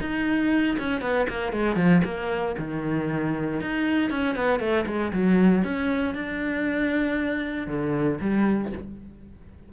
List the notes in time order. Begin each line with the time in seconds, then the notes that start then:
0.00 D#4
0.79 C#4
1.01 B3
1.29 A#3
1.52 G#3
1.76 F3
2.04 A#3
2.58 D#3
3.61 D#4
4.10 C#4
4.35 B3
4.59 A3
4.86 G#3
5.13 F#3
5.64 C#4
6.14 D4
7.67 D3
8.21 G3